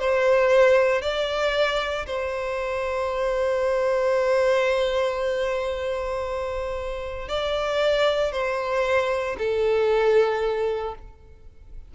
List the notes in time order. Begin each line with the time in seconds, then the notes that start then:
0.00 C5
1.02 D5
2.07 C5
7.29 D5
8.32 C5
9.39 A4